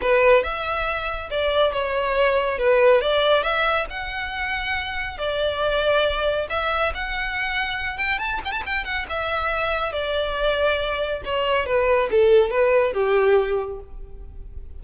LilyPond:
\new Staff \with { instrumentName = "violin" } { \time 4/4 \tempo 4 = 139 b'4 e''2 d''4 | cis''2 b'4 d''4 | e''4 fis''2. | d''2. e''4 |
fis''2~ fis''8 g''8 a''8 g''16 a''16 | g''8 fis''8 e''2 d''4~ | d''2 cis''4 b'4 | a'4 b'4 g'2 | }